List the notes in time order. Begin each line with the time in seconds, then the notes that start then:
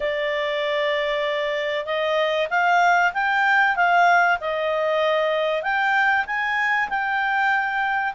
0.00 D5
1.85 D#5
2.50 F5
3.13 G5
3.76 F5
4.40 D#5
5.62 G5
6.26 G#5
6.89 G5